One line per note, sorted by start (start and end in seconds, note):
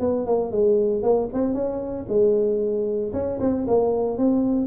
0.00 0.26 B3
0.26 0.51 A#3
0.51 1.03 G#3
1.03 1.29 A#3
1.33 1.54 C4
1.54 2.06 C#4
2.08 3.13 G#3
3.13 3.39 C#4
3.40 3.66 C4
3.67 4.18 A#3
4.18 4.67 C4